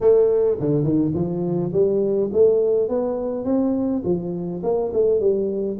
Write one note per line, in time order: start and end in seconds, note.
0.00 0.58 A3
0.60 0.83 D3
0.83 1.12 D#3
1.14 1.72 F3
1.73 2.30 G3
2.33 2.88 A3
2.88 3.45 B3
3.45 4.02 C4
4.04 4.62 F3
4.63 4.92 A#3
4.93 5.20 A3
5.20 5.77 G3